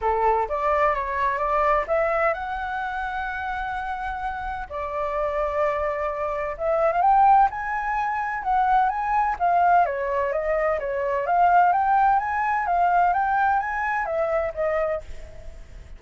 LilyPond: \new Staff \with { instrumentName = "flute" } { \time 4/4 \tempo 4 = 128 a'4 d''4 cis''4 d''4 | e''4 fis''2.~ | fis''2 d''2~ | d''2 e''8. f''16 g''4 |
gis''2 fis''4 gis''4 | f''4 cis''4 dis''4 cis''4 | f''4 g''4 gis''4 f''4 | g''4 gis''4 e''4 dis''4 | }